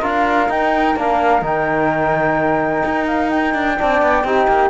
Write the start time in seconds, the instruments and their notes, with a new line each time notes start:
0.00 cello D4, trombone F4, flute A#4 F5
0.48 trombone D#4, cello D#4, flute G5
0.96 cello A#3, trombone D4, flute F5
1.42 cello D#3, trombone D#4, flute G5
2.85 cello D#4
3.06 flute F5
3.30 flute G5
3.54 cello D4
3.77 cello C4, trombone D4, flute D5
4.02 cello B3
4.24 cello C4, trombone D#4, flute G4
4.48 cello A#3